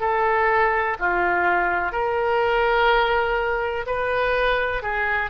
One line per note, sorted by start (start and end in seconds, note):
0.00 0.97 A4
0.99 1.92 F4
1.92 3.85 A#4
3.86 4.82 B4
4.82 5.30 G#4